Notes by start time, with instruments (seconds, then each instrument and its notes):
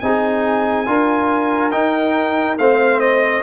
0.00 tuba C4, trombone D#4, horn G#4, trumpet G#5
0.87 tuba D4, trombone F4, horn A#4
1.72 trombone D#4, tuba D#4, trumpet G5
2.58 tuba A3, trombone C4, horn C5, trumpet F5
3.00 trumpet D#5